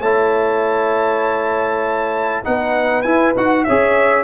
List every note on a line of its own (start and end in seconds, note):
0.00 2.43 A3
0.00 2.44 E4
0.00 2.42 C#5
0.00 2.44 A5
2.44 3.04 B3
2.44 3.04 D#4
2.44 3.65 B4
2.44 3.02 F#5
3.02 3.34 E4
3.02 3.35 E4
3.02 3.32 G#5
3.36 3.66 D#4
3.36 3.66 F#4
3.36 3.64 F#5
3.64 4.24 C#4
3.64 4.24 G#4
3.64 4.24 C#5
3.64 4.24 E5